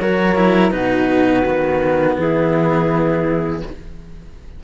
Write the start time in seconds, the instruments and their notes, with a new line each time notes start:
0.00 cello F#3 F#4, flute A#4, clarinet C#5
0.36 cello E4
0.71 cello B2 D#4, flute F#4, clarinet B4
1.45 cello D#3 B3
2.19 cello E3, flute E4, clarinet G#4